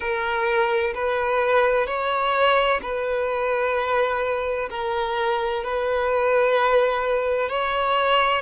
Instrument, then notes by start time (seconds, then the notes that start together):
violin
0.00 A#4
0.94 B4
1.86 C#5
2.81 B4
4.70 A#4
5.63 B4
7.49 C#5